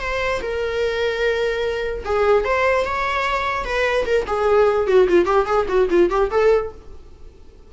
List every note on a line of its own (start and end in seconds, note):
0.00 0.41 C5
0.41 2.03 A#4
2.04 2.44 G#4
2.44 2.84 C5
2.85 3.64 C#5
3.64 4.05 B4
4.05 4.25 A#4
4.26 4.87 G#4
4.87 5.07 F#4
5.08 5.25 F4
5.25 5.46 G4
5.46 5.66 G#4
5.68 5.88 F#4
5.89 6.10 F4
6.10 6.30 G4
6.31 6.71 A4